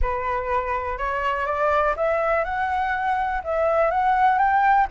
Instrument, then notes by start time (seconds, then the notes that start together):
flute
0.01 B4
0.98 C#5
1.45 D5
1.96 E5
2.44 F#5
3.44 E5
3.90 F#5
4.38 G5